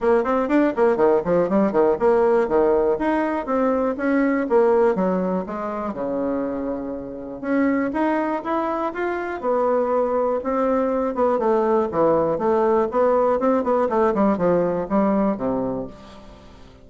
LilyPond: \new Staff \with { instrumentName = "bassoon" } { \time 4/4 \tempo 4 = 121 ais8 c'8 d'8 ais8 dis8 f8 g8 dis8 | ais4 dis4 dis'4 c'4 | cis'4 ais4 fis4 gis4 | cis2. cis'4 |
dis'4 e'4 f'4 b4~ | b4 c'4. b8 a4 | e4 a4 b4 c'8 b8 | a8 g8 f4 g4 c4 | }